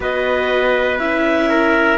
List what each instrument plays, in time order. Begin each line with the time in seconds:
0.00 cello B3, viola F#4, trumpet B4, clarinet D#5
0.98 cello C#4, viola E4, clarinet E5
1.49 trumpet A#4